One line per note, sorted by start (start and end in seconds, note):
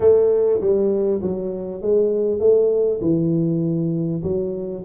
0.00 0.60 A3
0.60 1.21 G3
1.22 1.81 F#3
1.81 2.39 G#3
2.39 3.00 A3
3.01 4.22 E3
4.23 4.83 F#3